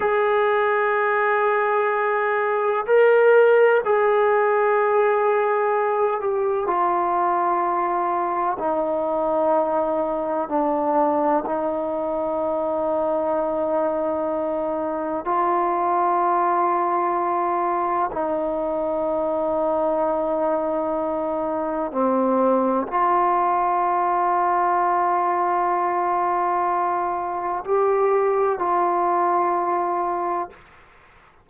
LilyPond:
\new Staff \with { instrumentName = "trombone" } { \time 4/4 \tempo 4 = 63 gis'2. ais'4 | gis'2~ gis'8 g'8 f'4~ | f'4 dis'2 d'4 | dis'1 |
f'2. dis'4~ | dis'2. c'4 | f'1~ | f'4 g'4 f'2 | }